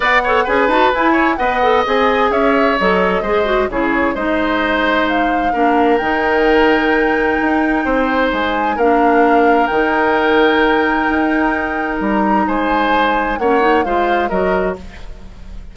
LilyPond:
<<
  \new Staff \with { instrumentName = "flute" } { \time 4/4 \tempo 4 = 130 fis''4 gis''8 a''8 gis''4 fis''4 | gis''4 e''4 dis''2 | cis''4 dis''2 f''4~ | f''4 g''2.~ |
g''2 gis''4 f''4~ | f''4 g''2.~ | g''2 ais''4 gis''4~ | gis''4 fis''4 f''4 dis''4 | }
  \new Staff \with { instrumentName = "oboe" } { \time 4/4 d''8 cis''8 b'4. cis''8 dis''4~ | dis''4 cis''2 c''4 | gis'4 c''2. | ais'1~ |
ais'4 c''2 ais'4~ | ais'1~ | ais'2. c''4~ | c''4 cis''4 c''4 ais'4 | }
  \new Staff \with { instrumentName = "clarinet" } { \time 4/4 b'8 a'8 gis'8 fis'8 e'4 b'8 a'8 | gis'2 a'4 gis'8 fis'8 | e'4 dis'2. | d'4 dis'2.~ |
dis'2. d'4~ | d'4 dis'2.~ | dis'1~ | dis'4 cis'8 dis'8 f'4 fis'4 | }
  \new Staff \with { instrumentName = "bassoon" } { \time 4/4 b4 cis'8 dis'8 e'4 b4 | c'4 cis'4 fis4 gis4 | cis4 gis2. | ais4 dis2. |
dis'4 c'4 gis4 ais4~ | ais4 dis2. | dis'2 g4 gis4~ | gis4 ais4 gis4 fis4 | }
>>